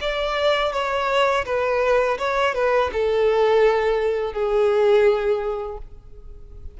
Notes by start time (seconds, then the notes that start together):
0.00 D5
0.72 C#5
1.45 B4
2.18 C#5
2.54 B4
2.92 A4
4.33 G#4